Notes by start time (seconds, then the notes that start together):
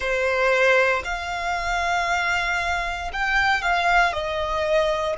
0.00 C5
1.04 F5
3.12 G5
3.62 F5
4.12 D#5